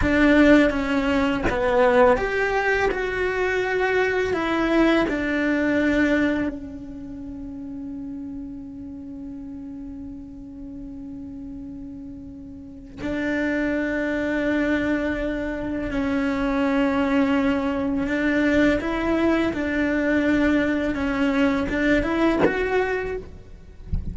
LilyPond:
\new Staff \with { instrumentName = "cello" } { \time 4/4 \tempo 4 = 83 d'4 cis'4 b4 g'4 | fis'2 e'4 d'4~ | d'4 cis'2.~ | cis'1~ |
cis'2 d'2~ | d'2 cis'2~ | cis'4 d'4 e'4 d'4~ | d'4 cis'4 d'8 e'8 fis'4 | }